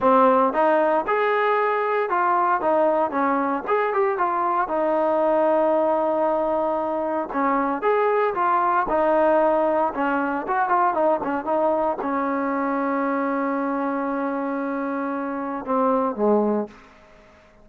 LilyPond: \new Staff \with { instrumentName = "trombone" } { \time 4/4 \tempo 4 = 115 c'4 dis'4 gis'2 | f'4 dis'4 cis'4 gis'8 g'8 | f'4 dis'2.~ | dis'2 cis'4 gis'4 |
f'4 dis'2 cis'4 | fis'8 f'8 dis'8 cis'8 dis'4 cis'4~ | cis'1~ | cis'2 c'4 gis4 | }